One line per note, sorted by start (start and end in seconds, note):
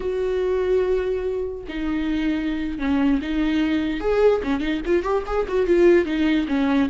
0.00 1.64 F#4
1.68 2.79 D#4
2.79 3.20 C#4
3.21 4.00 D#4
4.00 4.41 G#4
4.43 4.60 C#4
4.60 4.81 D#4
4.85 5.02 F4
5.02 5.23 G4
5.26 5.47 G#4
5.48 5.66 F#4
5.66 6.05 F4
6.05 6.46 D#4
6.48 6.89 C#4